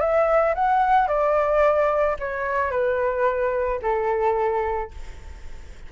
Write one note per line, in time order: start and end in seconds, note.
0.00 0.55 E5
0.55 1.08 F#5
1.08 2.17 D5
2.19 2.71 C#5
2.71 3.80 B4
3.82 4.91 A4